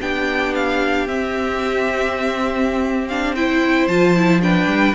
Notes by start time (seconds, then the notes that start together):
0.00 B3 D4 G4 G5
0.54 F5
1.07 C4 E5
3.07 D4 F5
3.34 E4 C5 G5
3.87 F3 F4 A5
4.16 E4
4.41 D4 B4 G5
4.65 G3